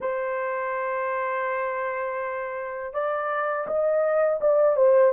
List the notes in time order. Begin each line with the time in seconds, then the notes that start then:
0.00 C5
2.93 D5
3.67 D#5
4.40 D5
4.76 C5